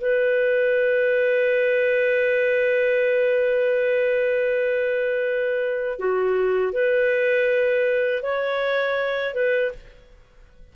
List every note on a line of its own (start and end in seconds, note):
0.00 5.98 B4
5.98 6.72 F#4
6.72 8.22 B4
8.22 9.34 C#5
9.34 9.71 B4